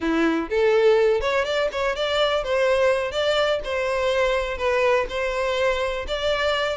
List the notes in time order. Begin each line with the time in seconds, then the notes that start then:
0.00 E4
0.49 A4
1.21 C#5
1.44 D5
1.72 C#5
1.95 D5
2.43 C5
3.11 D5
3.64 C5
4.57 B4
5.09 C5
6.07 D5